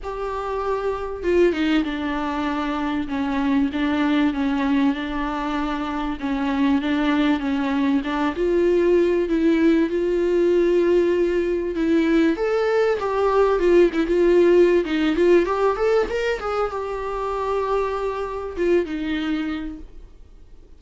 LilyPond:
\new Staff \with { instrumentName = "viola" } { \time 4/4 \tempo 4 = 97 g'2 f'8 dis'8 d'4~ | d'4 cis'4 d'4 cis'4 | d'2 cis'4 d'4 | cis'4 d'8 f'4. e'4 |
f'2. e'4 | a'4 g'4 f'8 e'16 f'4~ f'16 | dis'8 f'8 g'8 a'8 ais'8 gis'8 g'4~ | g'2 f'8 dis'4. | }